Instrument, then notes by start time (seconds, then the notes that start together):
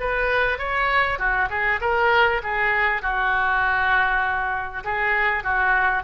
oboe
0.00 B4
0.58 C#5
1.19 F#4
1.50 G#4
1.81 A#4
2.44 G#4
3.02 F#4
4.84 G#4
5.44 F#4